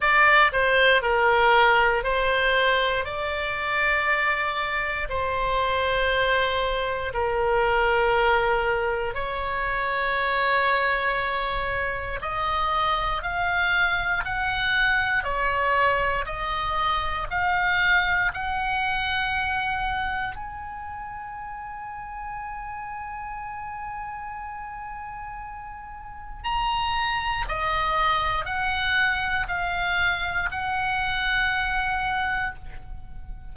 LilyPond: \new Staff \with { instrumentName = "oboe" } { \time 4/4 \tempo 4 = 59 d''8 c''8 ais'4 c''4 d''4~ | d''4 c''2 ais'4~ | ais'4 cis''2. | dis''4 f''4 fis''4 cis''4 |
dis''4 f''4 fis''2 | gis''1~ | gis''2 ais''4 dis''4 | fis''4 f''4 fis''2 | }